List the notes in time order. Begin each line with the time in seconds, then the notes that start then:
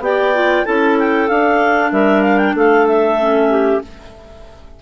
0.00 B3 G4 D5 G5
0.35 F4
0.66 C#4 E4 A4 A5
0.99 G5
1.29 D4 F5
1.92 G3 A#4 E5
2.22 F5
2.38 G5
2.55 A3 A4 F5
2.87 E5
3.19 C#4
3.50 G4